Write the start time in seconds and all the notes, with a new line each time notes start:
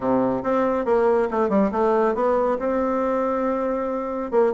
0.00 C3
0.43 C4
0.85 A#3
1.31 A3
1.49 G3
1.71 A3
2.14 B3
2.58 C4
4.31 A#3